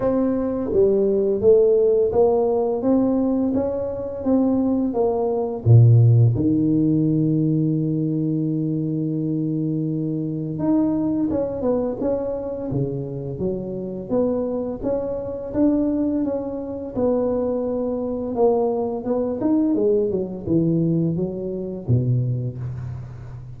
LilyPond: \new Staff \with { instrumentName = "tuba" } { \time 4/4 \tempo 4 = 85 c'4 g4 a4 ais4 | c'4 cis'4 c'4 ais4 | ais,4 dis2.~ | dis2. dis'4 |
cis'8 b8 cis'4 cis4 fis4 | b4 cis'4 d'4 cis'4 | b2 ais4 b8 dis'8 | gis8 fis8 e4 fis4 b,4 | }